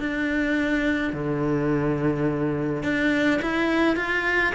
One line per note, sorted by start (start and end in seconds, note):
0.00 1.14 D4
1.14 2.83 D3
2.83 3.41 D4
3.42 3.97 E4
3.97 4.54 F4